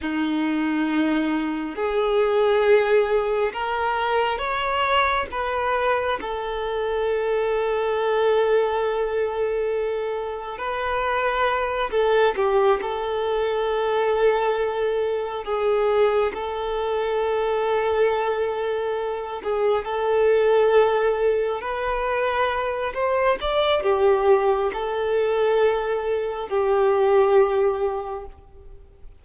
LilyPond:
\new Staff \with { instrumentName = "violin" } { \time 4/4 \tempo 4 = 68 dis'2 gis'2 | ais'4 cis''4 b'4 a'4~ | a'1 | b'4. a'8 g'8 a'4.~ |
a'4. gis'4 a'4.~ | a'2 gis'8 a'4.~ | a'8 b'4. c''8 d''8 g'4 | a'2 g'2 | }